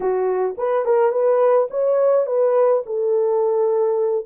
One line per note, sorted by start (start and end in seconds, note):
0.00 0.55 F#4
0.57 0.85 B4
0.85 1.11 A#4
1.11 1.68 B4
1.70 2.26 C#5
2.26 2.83 B4
2.86 4.25 A4